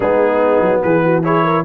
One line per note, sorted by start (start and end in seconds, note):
0.00 0.58 G#3
0.00 1.23 B3
0.00 0.82 D#4
0.00 0.81 G#4
0.60 0.81 F#3
0.82 1.65 E3
0.82 1.03 G#4
0.82 1.23 B4
1.04 1.24 F#4
1.23 1.64 E4
1.23 1.43 G#4
1.23 1.65 C#5
1.43 1.64 A#4